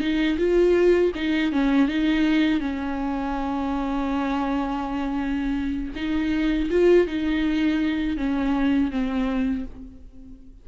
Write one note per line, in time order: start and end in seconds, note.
0.00 0.37 D#4
0.38 1.12 F4
1.15 1.52 D#4
1.52 1.88 C#4
1.88 2.60 D#4
2.60 5.93 C#4
5.95 6.69 D#4
6.70 7.07 F4
7.07 8.17 D#4
8.17 8.91 C#4
8.91 9.65 C4